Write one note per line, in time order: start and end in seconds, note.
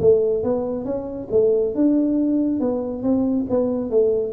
0.00 0.43 A3
0.43 0.84 B3
0.84 1.28 C#4
1.31 1.75 A3
1.75 2.60 D4
2.60 3.02 B3
3.02 3.46 C4
3.49 3.90 B3
3.90 4.32 A3